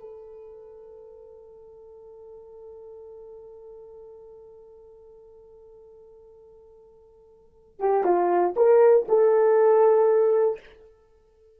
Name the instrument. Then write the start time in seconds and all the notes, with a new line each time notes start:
horn
0.00 A4
7.79 G4
8.04 F4
8.56 A#4
9.08 A4